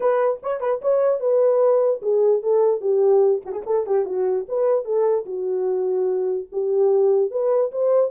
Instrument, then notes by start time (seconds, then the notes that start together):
horn
0.00 B4
0.42 C#5
0.60 B4
0.81 C#5
1.20 B4
2.01 G#4
2.42 A4
2.80 G4
3.45 F#4
3.52 G#4
3.66 A4
3.86 G4
4.05 F#4
4.48 B4
4.84 A4
5.25 F#4
6.52 G4
7.30 B4
7.71 C5